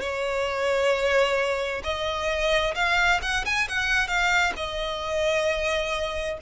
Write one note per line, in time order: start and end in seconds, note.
0.00 1.82 C#5
1.83 2.74 D#5
2.75 3.20 F5
3.22 3.45 F#5
3.45 3.68 G#5
3.68 4.07 F#5
4.07 4.52 F5
4.56 6.38 D#5